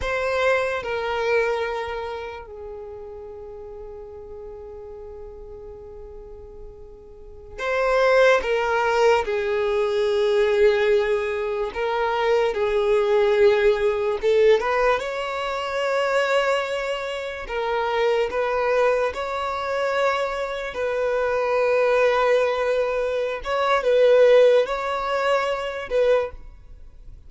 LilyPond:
\new Staff \with { instrumentName = "violin" } { \time 4/4 \tempo 4 = 73 c''4 ais'2 gis'4~ | gis'1~ | gis'4~ gis'16 c''4 ais'4 gis'8.~ | gis'2~ gis'16 ais'4 gis'8.~ |
gis'4~ gis'16 a'8 b'8 cis''4.~ cis''16~ | cis''4~ cis''16 ais'4 b'4 cis''8.~ | cis''4~ cis''16 b'2~ b'8.~ | b'8 cis''8 b'4 cis''4. b'8 | }